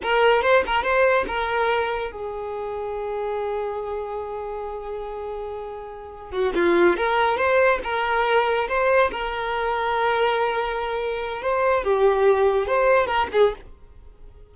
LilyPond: \new Staff \with { instrumentName = "violin" } { \time 4/4 \tempo 4 = 142 ais'4 c''8 ais'8 c''4 ais'4~ | ais'4 gis'2.~ | gis'1~ | gis'2. fis'8 f'8~ |
f'8 ais'4 c''4 ais'4.~ | ais'8 c''4 ais'2~ ais'8~ | ais'2. c''4 | g'2 c''4 ais'8 gis'8 | }